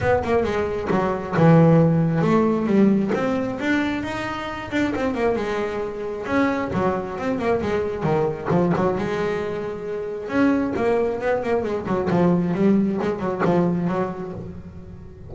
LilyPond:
\new Staff \with { instrumentName = "double bass" } { \time 4/4 \tempo 4 = 134 b8 ais8 gis4 fis4 e4~ | e4 a4 g4 c'4 | d'4 dis'4. d'8 c'8 ais8 | gis2 cis'4 fis4 |
c'8 ais8 gis4 dis4 f8 fis8 | gis2. cis'4 | ais4 b8 ais8 gis8 fis8 f4 | g4 gis8 fis8 f4 fis4 | }